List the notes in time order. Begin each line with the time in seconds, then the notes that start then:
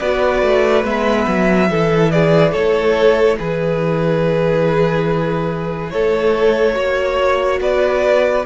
0.00 B3 F#4 B4 D5
0.43 A3
0.85 G#3 B3 E5
1.28 F#3
1.68 E3 E4 A4
2.11 G#4 D5
2.52 A3 A4 C#5
3.39 E3 G#4 B4
5.90 A3 A4 C#5
6.74 A#3 F#4 C#5
7.61 B3 B4 D5